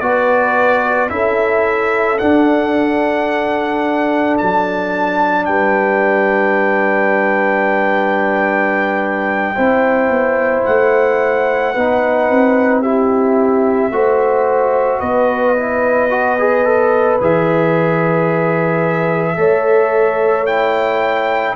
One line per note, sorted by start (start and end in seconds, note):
0.00 1.10 B3
0.00 1.09 F#4
0.00 1.13 B4
0.00 1.09 D5
1.09 2.20 C#4
1.09 2.18 E4
1.09 5.47 A4
1.09 2.18 E5
2.18 9.56 D4
2.18 4.40 D4
2.18 4.37 F#5
4.37 5.48 F#3
4.37 5.45 A5
5.45 9.57 G3
5.45 9.56 B4
5.45 10.64 G5
9.56 10.09 C4
9.56 11.75 E4
9.56 11.74 C5
10.09 10.63 B3
10.65 11.76 A3
10.65 12.82 F#5
11.74 12.30 B3
11.74 12.85 D#4
11.74 12.82 B4
12.30 13.91 C4
12.82 13.92 E4
12.82 13.91 G4
12.82 15.00 E5
13.91 15.00 A3
13.91 15.56 F#4
13.91 15.00 C5
15.00 17.20 B3
15.00 19.37 B4
15.00 17.18 D#5
15.56 16.10 E4
16.10 16.37 F#4
16.39 16.65 G#4
16.65 17.20 A4
17.21 19.37 E3
17.21 19.37 G#4
17.21 20.46 E5
19.37 21.55 A3
19.37 20.46 A4
19.37 21.56 C#5
20.46 21.56 E4
20.46 21.55 G5